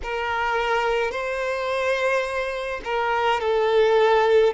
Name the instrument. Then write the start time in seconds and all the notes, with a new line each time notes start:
violin
0.03 A#4
1.11 C5
2.84 A#4
3.40 A4